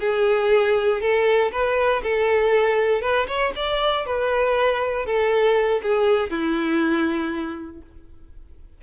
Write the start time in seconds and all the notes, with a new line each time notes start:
0.00 G#4
1.01 A4
1.52 B4
2.03 A4
3.01 B4
3.27 C#5
3.56 D5
4.05 B4
5.05 A4
5.82 G#4
6.30 E4